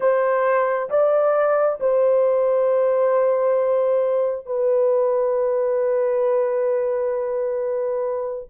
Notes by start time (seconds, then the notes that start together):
0.00 C5
0.89 D5
1.80 C5
4.45 B4